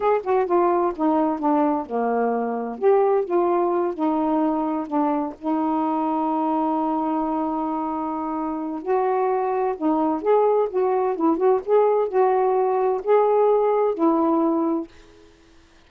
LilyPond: \new Staff \with { instrumentName = "saxophone" } { \time 4/4 \tempo 4 = 129 gis'8 fis'8 f'4 dis'4 d'4 | ais2 g'4 f'4~ | f'8 dis'2 d'4 dis'8~ | dis'1~ |
dis'2. fis'4~ | fis'4 dis'4 gis'4 fis'4 | e'8 fis'8 gis'4 fis'2 | gis'2 e'2 | }